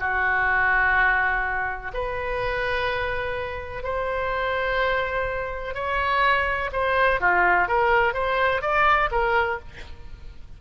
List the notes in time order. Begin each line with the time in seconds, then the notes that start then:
0.00 F#4
1.94 B4
3.83 C5
5.74 C#5
6.73 C5
7.21 F4
7.68 A#4
8.14 C5
8.62 D5
9.12 A#4